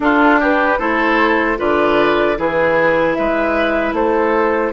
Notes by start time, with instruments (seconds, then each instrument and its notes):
0.00 clarinet D4, bassoon D4, oboe F4, flute A4
0.39 oboe G4, flute B4
0.78 bassoon A3, clarinet E4, oboe A4, flute C5
1.57 bassoon D3, clarinet F4, oboe B4, flute D5
2.36 bassoon E3, clarinet E4, oboe G#4, flute B4
3.14 bassoon G#3, oboe B4, flute E5
3.92 bassoon A3, oboe A4, flute C5